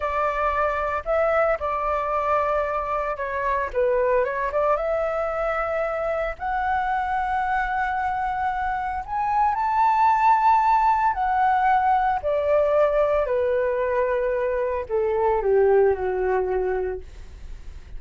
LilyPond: \new Staff \with { instrumentName = "flute" } { \time 4/4 \tempo 4 = 113 d''2 e''4 d''4~ | d''2 cis''4 b'4 | cis''8 d''8 e''2. | fis''1~ |
fis''4 gis''4 a''2~ | a''4 fis''2 d''4~ | d''4 b'2. | a'4 g'4 fis'2 | }